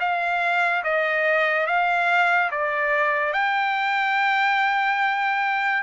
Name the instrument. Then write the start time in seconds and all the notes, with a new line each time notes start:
trumpet
0.00 F5
0.84 D#5
1.67 F5
2.52 D5
3.33 G5